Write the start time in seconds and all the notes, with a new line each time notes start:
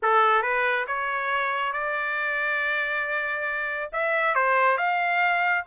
0.02 A4
0.42 B4
0.87 C#5
1.73 D5
3.92 E5
4.34 C5
4.77 F5